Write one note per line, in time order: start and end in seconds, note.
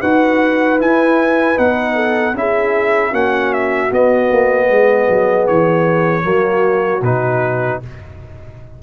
0.00 0.79 D#4
0.00 0.79 F#4
0.00 1.95 B4
0.00 0.79 F#5
0.79 1.56 E4
0.79 1.57 E4
0.79 1.58 G#5
1.56 2.34 B3
1.56 2.34 D#4
1.56 2.36 F#5
1.95 2.34 A4
2.34 3.12 C#4
2.34 3.12 E4
2.34 3.10 G#4
2.34 3.14 E5
3.10 3.90 A#3
3.10 3.89 C#4
3.10 4.66 F#4
3.10 3.53 F#5
3.53 3.92 E5
3.89 6.22 B3
3.89 4.30 B3
3.89 5.47 D#5
4.31 4.69 A#3
4.69 5.08 G#3
4.69 6.25 G#4
5.09 5.48 F#3
5.47 6.24 E3
5.47 7.03 C#5
6.22 7.01 F#3
6.22 7.00 A#3
6.22 7.81 F#4
7.01 7.79 B2
7.01 7.82 D#4
7.01 7.81 B4